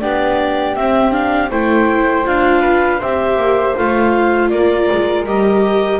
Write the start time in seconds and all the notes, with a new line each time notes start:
0.00 B3 D4 G4 D5
0.75 C4 E5
1.12 D4 F5
1.51 A3 E4 C5 G5
2.25 D4 F4 F5
2.61 B4
2.99 C4 G4 C5 E5
3.37 A#3
3.77 A3 F4 F5
4.49 A#3 A#4 D5
4.92 G#3
5.25 G3 G4 D#5